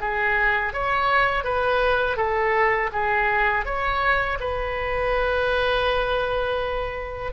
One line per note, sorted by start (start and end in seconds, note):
0.00 0.73 G#4
0.73 1.44 C#5
1.44 2.17 B4
2.17 2.90 A4
2.92 3.65 G#4
3.65 4.38 C#5
4.40 7.33 B4